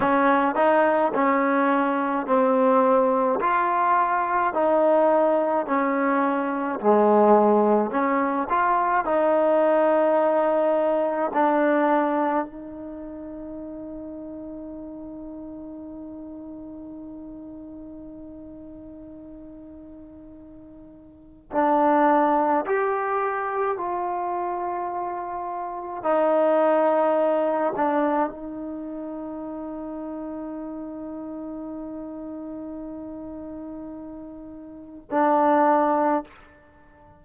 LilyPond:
\new Staff \with { instrumentName = "trombone" } { \time 4/4 \tempo 4 = 53 cis'8 dis'8 cis'4 c'4 f'4 | dis'4 cis'4 gis4 cis'8 f'8 | dis'2 d'4 dis'4~ | dis'1~ |
dis'2. d'4 | g'4 f'2 dis'4~ | dis'8 d'8 dis'2.~ | dis'2. d'4 | }